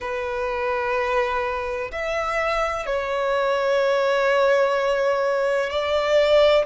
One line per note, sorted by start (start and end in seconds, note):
0.00 1.91 B4
1.91 2.86 E5
2.86 5.70 C#5
5.70 6.65 D5